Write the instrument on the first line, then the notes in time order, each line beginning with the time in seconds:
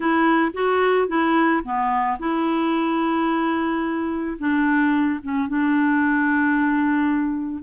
clarinet
0.00 E4
0.53 F#4
1.08 E4
1.63 B3
2.19 E4
4.38 D4
5.22 C#4
5.48 D4